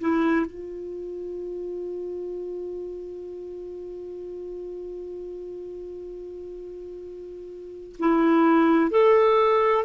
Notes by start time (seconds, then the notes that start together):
0.00 E4
0.46 F4
7.99 E4
8.91 A4